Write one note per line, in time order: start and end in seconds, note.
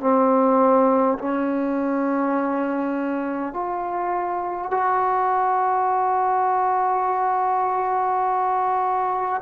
0.00 1.18 C4
1.18 3.53 C#4
3.53 4.71 F4
4.71 9.41 F#4